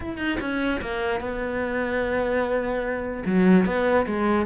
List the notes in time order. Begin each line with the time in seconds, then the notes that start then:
0.00 E4
0.17 D#4
0.40 C#4
0.81 A#3
1.20 B3
3.25 F#3
3.65 B3
4.06 G#3